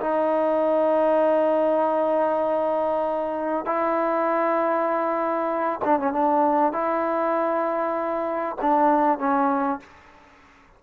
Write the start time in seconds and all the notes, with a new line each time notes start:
0.00 D#4
3.65 E4
5.84 D4
5.99 C#4
6.12 D4
6.72 E4
8.61 D4
9.18 C#4